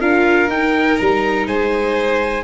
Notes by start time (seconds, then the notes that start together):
0.00 D4 F4 A#4 F5
0.48 D#4 G5
0.98 G3 A#5
1.47 G#3 C5 G#5